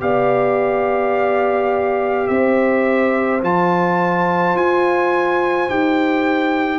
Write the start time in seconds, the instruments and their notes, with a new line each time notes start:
0.00 tuba B3, trombone G4, horn D5, trumpet F5
2.27 tuba C4, horn C5, trumpet E5
3.42 tuba F3, trombone F4, trumpet A5
4.55 tuba F4, trumpet G#5
5.69 tuba D#4, trombone G4, trumpet G5